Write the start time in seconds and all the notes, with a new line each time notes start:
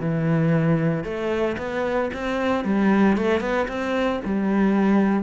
0.00 E3
1.04 A3
1.58 B3
2.14 C4
2.64 G3
3.17 A3
3.40 B3
3.68 C4
4.25 G3